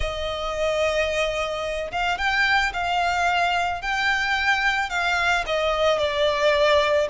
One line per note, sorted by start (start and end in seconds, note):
0.00 1.91 D#5
1.91 2.18 F5
2.18 2.72 G5
2.73 3.81 F5
3.81 4.89 G5
4.89 5.44 F5
5.46 5.98 D#5
5.98 7.07 D5